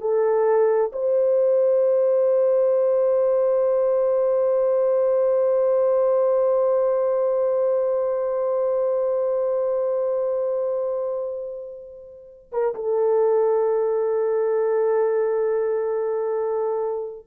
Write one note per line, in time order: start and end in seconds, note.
0.00 0.91 A4
0.92 12.51 C5
12.51 12.74 A#4
12.74 17.26 A4